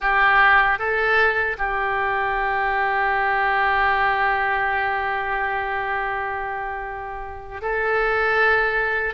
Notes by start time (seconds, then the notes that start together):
0.00 G4
0.79 A4
1.58 G4
7.61 A4